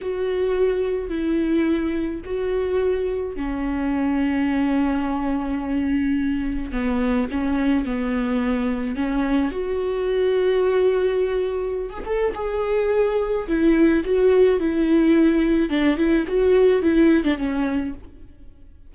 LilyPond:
\new Staff \with { instrumentName = "viola" } { \time 4/4 \tempo 4 = 107 fis'2 e'2 | fis'2 cis'2~ | cis'1 | b4 cis'4 b2 |
cis'4 fis'2.~ | fis'4~ fis'16 gis'16 a'8 gis'2 | e'4 fis'4 e'2 | d'8 e'8 fis'4 e'8. d'16 cis'4 | }